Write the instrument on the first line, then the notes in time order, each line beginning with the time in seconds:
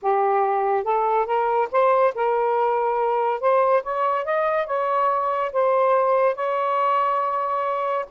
saxophone
0.02 G4
0.84 A4
1.26 A#4
1.71 C5
2.15 A#4
3.40 C5
3.83 C#5
4.24 D#5
4.66 C#5
5.52 C5
6.35 C#5